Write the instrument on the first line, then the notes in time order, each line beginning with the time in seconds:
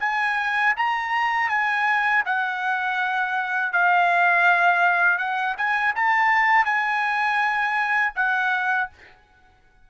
trumpet
0.00 G#5
0.77 A#5
1.49 G#5
2.26 F#5
3.73 F5
5.19 F#5
5.58 G#5
5.96 A5
6.66 G#5
8.16 F#5